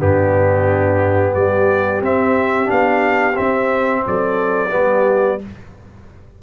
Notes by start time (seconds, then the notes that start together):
0.00 G2 B3 D4 G4
1.33 G3 G4 D5
2.01 C4 E5
2.65 B3 D4 F5
3.35 C4 E5
4.06 F#3 A4 D5
4.70 G3 B3 G4